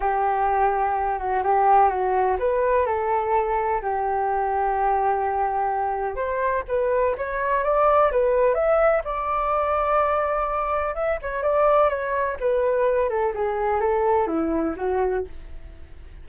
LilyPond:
\new Staff \with { instrumentName = "flute" } { \time 4/4 \tempo 4 = 126 g'2~ g'8 fis'8 g'4 | fis'4 b'4 a'2 | g'1~ | g'4 c''4 b'4 cis''4 |
d''4 b'4 e''4 d''4~ | d''2. e''8 cis''8 | d''4 cis''4 b'4. a'8 | gis'4 a'4 e'4 fis'4 | }